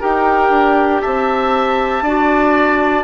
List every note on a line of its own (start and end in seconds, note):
0.00 0.49 D#4
0.00 2.03 G4
0.00 1.01 A#4
0.00 1.01 G5
0.49 1.00 D4
1.01 2.01 C4
1.01 2.03 E5
1.01 3.04 A5
2.01 3.03 D4
2.01 3.04 F#4
2.01 3.04 D5